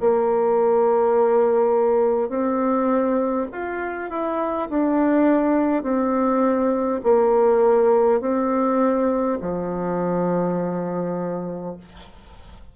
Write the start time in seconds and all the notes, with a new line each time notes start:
0.00 A#3
2.29 C4
3.51 F4
4.10 E4
4.69 D4
5.82 C4
7.03 A#3
8.20 C4
9.41 F3